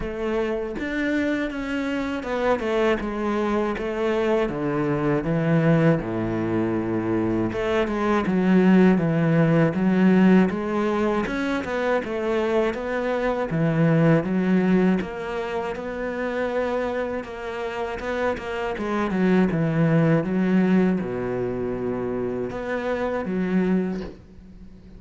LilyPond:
\new Staff \with { instrumentName = "cello" } { \time 4/4 \tempo 4 = 80 a4 d'4 cis'4 b8 a8 | gis4 a4 d4 e4 | a,2 a8 gis8 fis4 | e4 fis4 gis4 cis'8 b8 |
a4 b4 e4 fis4 | ais4 b2 ais4 | b8 ais8 gis8 fis8 e4 fis4 | b,2 b4 fis4 | }